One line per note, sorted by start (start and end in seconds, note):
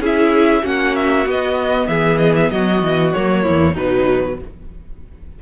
0.00 0.62 C#4
0.00 0.63 E4
0.00 0.63 G#4
0.06 0.67 E5
0.63 1.27 A#3
0.63 1.26 C#4
0.63 1.88 F#4
0.63 0.96 F#5
0.96 1.27 E5
1.27 1.89 B3
1.27 3.14 B3
1.27 1.88 D#5
1.88 2.51 E3
1.88 2.52 G#4
1.88 2.19 E5
2.19 2.34 D#5
2.36 2.51 E5
2.51 2.83 F#3
2.51 3.43 F#4
2.51 3.13 D#5
2.83 3.14 E3
3.13 3.48 F#3
3.13 3.76 A#3
3.13 3.76 C#5
3.43 3.79 E2
3.43 3.74 E4
3.74 4.42 B2
3.74 4.39 F#3
3.74 4.36 D#4
3.74 4.40 B4